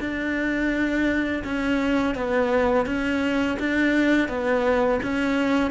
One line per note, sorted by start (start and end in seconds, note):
0.00 1.43 D4
1.44 2.15 C#4
2.15 2.86 B3
2.86 3.57 C#4
3.59 4.28 D4
4.28 5.00 B3
5.03 5.70 C#4